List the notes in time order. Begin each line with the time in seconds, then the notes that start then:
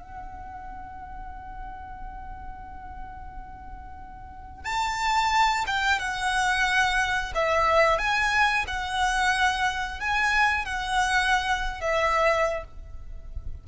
0.00 F#5
4.65 A5
5.67 G5
5.99 F#5
7.35 E5
7.99 G#5
8.68 F#5
10.00 G#5
10.65 F#5
11.81 E5